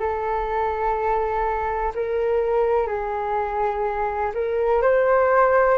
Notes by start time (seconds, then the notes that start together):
0.00 A4
1.95 A#4
2.88 G#4
4.34 A#4
4.82 C5